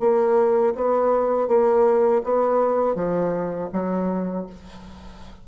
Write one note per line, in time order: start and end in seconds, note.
0.00 0.74 A#3
0.75 1.48 B3
1.48 2.22 A#3
2.24 2.96 B3
2.96 3.70 F3
3.73 4.47 F#3